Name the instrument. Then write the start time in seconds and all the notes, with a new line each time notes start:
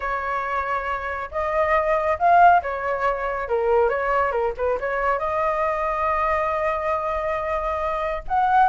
flute
0.00 C#5
1.31 D#5
2.18 F5
2.62 C#5
3.48 A#4
3.89 C#5
4.31 A#4
4.57 B4
4.80 C#5
5.18 D#5
8.28 F#5